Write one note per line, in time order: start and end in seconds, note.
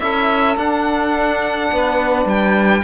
0.00 0.57 C#4
0.00 0.57 E4
0.00 1.71 A4
0.00 0.57 E5
0.57 1.71 D4
0.57 2.84 D4
0.57 2.28 F#5
1.72 2.26 B3
1.72 2.84 B4
2.26 2.82 G3
2.26 2.84 G5